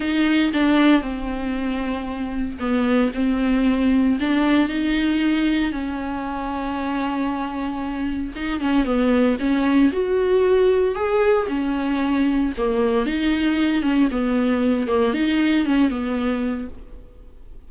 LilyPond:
\new Staff \with { instrumentName = "viola" } { \time 4/4 \tempo 4 = 115 dis'4 d'4 c'2~ | c'4 b4 c'2 | d'4 dis'2 cis'4~ | cis'1 |
dis'8 cis'8 b4 cis'4 fis'4~ | fis'4 gis'4 cis'2 | ais4 dis'4. cis'8 b4~ | b8 ais8 dis'4 cis'8 b4. | }